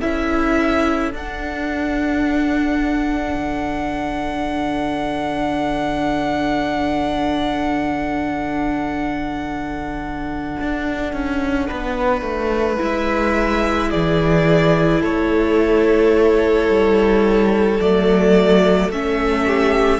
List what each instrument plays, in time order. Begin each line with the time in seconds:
0.00 cello C#4, viola E4, violin A4 E5
1.13 cello D4, viola D4, violin F#5
3.34 cello D3
10.60 cello D4
11.13 cello C#4
11.67 cello B3, violin B4
12.21 cello A3
12.77 cello G#3, viola E4, violin E5
13.90 cello E3, violin G#4 D5
15.01 cello A3, violin A4 C#5
16.68 cello G3
17.80 cello F#3, viola A3, violin D5
18.88 cello A3, viola C#4, violin E5
19.46 violin G4